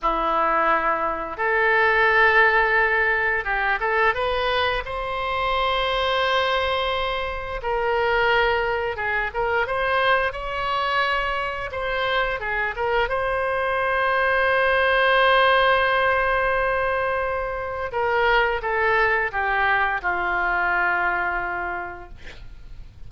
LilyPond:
\new Staff \with { instrumentName = "oboe" } { \time 4/4 \tempo 4 = 87 e'2 a'2~ | a'4 g'8 a'8 b'4 c''4~ | c''2. ais'4~ | ais'4 gis'8 ais'8 c''4 cis''4~ |
cis''4 c''4 gis'8 ais'8 c''4~ | c''1~ | c''2 ais'4 a'4 | g'4 f'2. | }